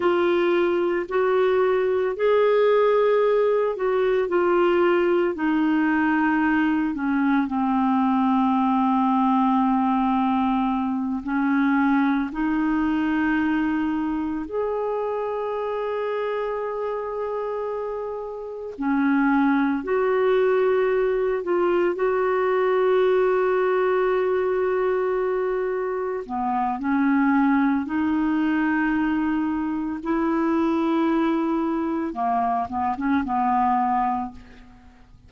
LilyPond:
\new Staff \with { instrumentName = "clarinet" } { \time 4/4 \tempo 4 = 56 f'4 fis'4 gis'4. fis'8 | f'4 dis'4. cis'8 c'4~ | c'2~ c'8 cis'4 dis'8~ | dis'4. gis'2~ gis'8~ |
gis'4. cis'4 fis'4. | f'8 fis'2.~ fis'8~ | fis'8 b8 cis'4 dis'2 | e'2 ais8 b16 cis'16 b4 | }